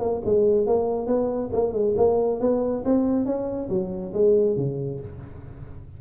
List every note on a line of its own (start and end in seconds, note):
0.00 0.22 A#3
0.25 0.67 G#3
0.67 1.07 A#3
1.07 1.50 B3
1.53 1.73 A#3
1.73 1.95 G#3
1.97 2.40 A#3
2.41 2.84 B3
2.85 3.26 C4
3.26 3.69 C#4
3.70 4.13 F#3
4.14 4.57 G#3
4.57 5.00 C#3